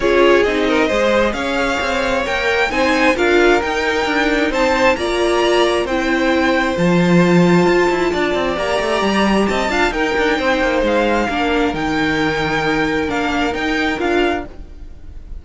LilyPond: <<
  \new Staff \with { instrumentName = "violin" } { \time 4/4 \tempo 4 = 133 cis''4 dis''2 f''4~ | f''4 g''4 gis''4 f''4 | g''2 a''4 ais''4~ | ais''4 g''2 a''4~ |
a''2. ais''4~ | ais''4 a''4 g''2 | f''2 g''2~ | g''4 f''4 g''4 f''4 | }
  \new Staff \with { instrumentName = "violin" } { \time 4/4 gis'4. ais'8 c''4 cis''4~ | cis''2 c''4 ais'4~ | ais'2 c''4 d''4~ | d''4 c''2.~ |
c''2 d''2~ | d''4 dis''8 f''8 ais'4 c''4~ | c''4 ais'2.~ | ais'1 | }
  \new Staff \with { instrumentName = "viola" } { \time 4/4 f'4 dis'4 gis'2~ | gis'4 ais'4 dis'4 f'4 | dis'2. f'4~ | f'4 e'2 f'4~ |
f'2. g'4~ | g'4. f'8 dis'2~ | dis'4 d'4 dis'2~ | dis'4 d'4 dis'4 f'4 | }
  \new Staff \with { instrumentName = "cello" } { \time 4/4 cis'4 c'4 gis4 cis'4 | c'4 ais4 c'4 d'4 | dis'4 d'4 c'4 ais4~ | ais4 c'2 f4~ |
f4 f'8 e'8 d'8 c'8 ais8 a8 | g4 c'8 d'8 dis'8 d'8 c'8 ais8 | gis4 ais4 dis2~ | dis4 ais4 dis'4 d'4 | }
>>